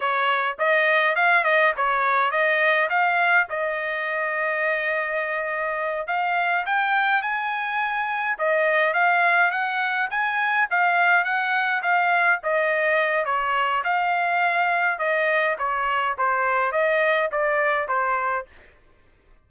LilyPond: \new Staff \with { instrumentName = "trumpet" } { \time 4/4 \tempo 4 = 104 cis''4 dis''4 f''8 dis''8 cis''4 | dis''4 f''4 dis''2~ | dis''2~ dis''8 f''4 g''8~ | g''8 gis''2 dis''4 f''8~ |
f''8 fis''4 gis''4 f''4 fis''8~ | fis''8 f''4 dis''4. cis''4 | f''2 dis''4 cis''4 | c''4 dis''4 d''4 c''4 | }